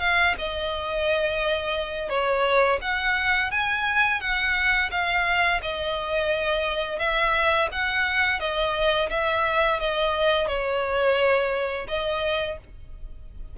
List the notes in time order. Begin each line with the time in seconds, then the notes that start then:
0.00 F5
0.38 D#5
2.09 C#5
2.81 F#5
3.51 G#5
4.21 F#5
4.91 F5
5.62 D#5
6.99 E5
7.72 F#5
8.40 D#5
9.10 E5
9.80 D#5
10.47 C#5
11.88 D#5